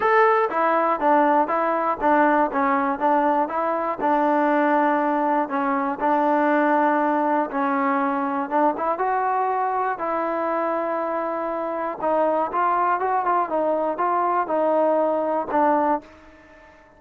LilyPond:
\new Staff \with { instrumentName = "trombone" } { \time 4/4 \tempo 4 = 120 a'4 e'4 d'4 e'4 | d'4 cis'4 d'4 e'4 | d'2. cis'4 | d'2. cis'4~ |
cis'4 d'8 e'8 fis'2 | e'1 | dis'4 f'4 fis'8 f'8 dis'4 | f'4 dis'2 d'4 | }